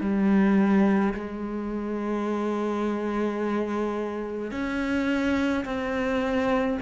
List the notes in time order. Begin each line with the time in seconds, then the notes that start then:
0.00 G3
1.14 G#3
4.51 C#4
5.64 C4